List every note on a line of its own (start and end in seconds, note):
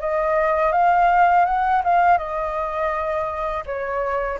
0.00 0.72 D#5
0.72 1.45 F5
1.45 1.82 F#5
1.84 2.18 F5
2.18 3.64 D#5
3.66 4.39 C#5